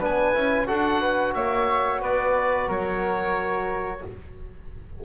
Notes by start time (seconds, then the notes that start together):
0.00 B3 D4 B4 G#5
0.34 C#4 E4
0.67 D4 F#4 A4 F#5
1.01 B4
1.34 A#3 C#5 E5
2.02 B3 B4 D5
2.68 F#3 A#4 C#5